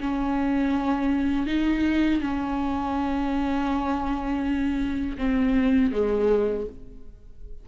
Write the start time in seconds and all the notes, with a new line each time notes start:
0.00 C#4
1.46 D#4
2.21 C#4
5.18 C4
5.92 G#3